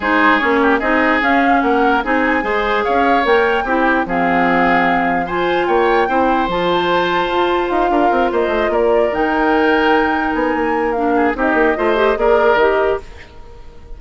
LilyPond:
<<
  \new Staff \with { instrumentName = "flute" } { \time 4/4 \tempo 4 = 148 c''4 cis''4 dis''4 f''4 | fis''4 gis''2 f''4 | g''2 f''2~ | f''4 gis''4 g''2 |
a''2. f''4~ | f''8 dis''4 d''4 g''4.~ | g''4. gis''4. f''4 | dis''2 d''4 dis''4 | }
  \new Staff \with { instrumentName = "oboe" } { \time 4/4 gis'4. g'8 gis'2 | ais'4 gis'4 c''4 cis''4~ | cis''4 g'4 gis'2~ | gis'4 c''4 cis''4 c''4~ |
c''2.~ c''8 ais'8~ | ais'8 c''4 ais'2~ ais'8~ | ais'2.~ ais'8 gis'8 | g'4 c''4 ais'2 | }
  \new Staff \with { instrumentName = "clarinet" } { \time 4/4 dis'4 cis'4 dis'4 cis'4~ | cis'4 dis'4 gis'2 | ais'4 e'4 c'2~ | c'4 f'2 e'4 |
f'1~ | f'2~ f'8 dis'4.~ | dis'2. d'4 | dis'4 f'8 g'8 gis'4 g'4 | }
  \new Staff \with { instrumentName = "bassoon" } { \time 4/4 gis4 ais4 c'4 cis'4 | ais4 c'4 gis4 cis'4 | ais4 c'4 f2~ | f2 ais4 c'4 |
f2 f'4 dis'8 d'8 | c'8 ais8 a8 ais4 dis4.~ | dis4. b8 ais2 | c'8 ais8 a4 ais4 dis4 | }
>>